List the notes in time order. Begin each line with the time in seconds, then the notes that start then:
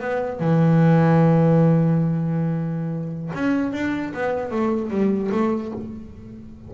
0.00 B3
0.40 E3
3.35 C#4
3.73 D4
4.14 B3
4.52 A3
4.91 G3
5.32 A3